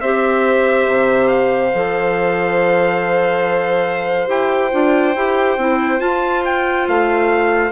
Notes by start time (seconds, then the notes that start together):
0.00 C4 G4 C5 E5
0.86 C3
1.27 F5
1.72 F3 A4
4.27 E4 G4 G5
4.71 D4 F4
5.16 E4 G4
5.57 C4 E4
5.98 F4 A5
6.44 G5
6.88 A3 F5